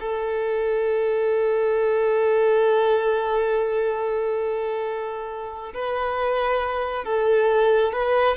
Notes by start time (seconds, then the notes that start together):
0.00 A4
5.74 B4
7.05 A4
7.93 B4